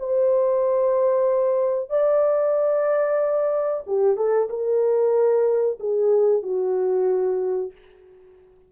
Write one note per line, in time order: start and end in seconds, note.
0.00 1.90 C5
1.90 3.84 D5
3.87 4.17 G4
4.17 4.49 A4
4.50 5.79 A#4
5.80 6.43 G#4
6.43 7.72 F#4